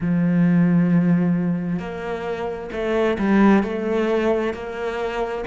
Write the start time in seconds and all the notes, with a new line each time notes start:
0.00 F3
1.79 A#3
2.71 A3
3.18 G3
3.63 A3
4.53 A#3